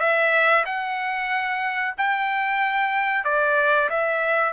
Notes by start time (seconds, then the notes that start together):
0.00 E5
0.66 F#5
1.98 G5
3.25 D5
3.90 E5